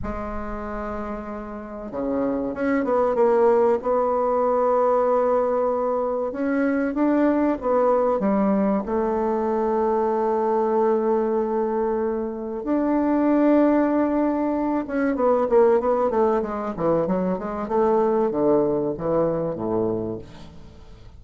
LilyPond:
\new Staff \with { instrumentName = "bassoon" } { \time 4/4 \tempo 4 = 95 gis2. cis4 | cis'8 b8 ais4 b2~ | b2 cis'4 d'4 | b4 g4 a2~ |
a1 | d'2.~ d'8 cis'8 | b8 ais8 b8 a8 gis8 e8 fis8 gis8 | a4 d4 e4 a,4 | }